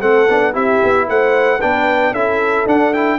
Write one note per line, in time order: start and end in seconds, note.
0.00 0.28 A3
0.00 0.28 C4
0.00 0.53 A4
0.00 0.54 F#5
0.29 0.55 B3
0.29 0.53 D4
0.53 0.81 C4
0.53 1.59 E4
0.53 1.06 G4
0.53 1.09 E5
0.84 1.09 B3
1.09 1.62 A3
1.09 1.59 C5
1.09 1.61 F#5
1.59 2.12 B3
1.59 2.14 D4
1.59 2.12 B4
1.59 2.14 G5
2.12 2.65 C#4
2.12 2.67 E4
2.12 3.18 A4
2.12 2.67 E5
2.66 3.18 D4
2.66 2.94 D4
2.66 2.93 F#5
2.93 3.18 E4
2.93 3.18 G5